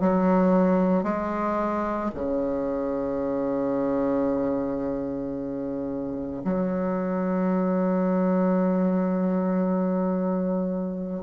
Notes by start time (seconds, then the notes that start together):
0.00 F#3
1.03 G#3
2.14 C#3
6.44 F#3